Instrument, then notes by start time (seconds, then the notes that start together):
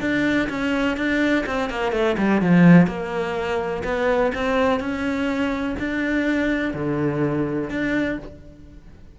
cello
0.00 D4
0.49 C#4
0.97 D4
1.46 C4
1.70 A#3
1.92 A3
2.18 G3
2.41 F3
2.87 A#3
3.84 B3
4.34 C4
4.79 C#4
5.79 D4
6.74 D3
7.69 D4